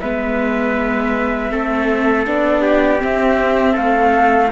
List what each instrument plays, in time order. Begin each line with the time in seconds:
0.00 cello G#3, viola B3, trumpet B4, flute E5
1.50 cello A3, viola C4, trumpet A4
2.27 cello B3, viola D4, flute D5
2.62 trumpet G4
2.98 viola C4, cello C4, flute E5
3.73 cello A3, trumpet A4, flute F5